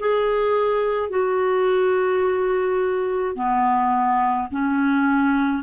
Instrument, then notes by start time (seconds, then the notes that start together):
clarinet
0.00 G#4
1.10 F#4
3.36 B3
4.51 C#4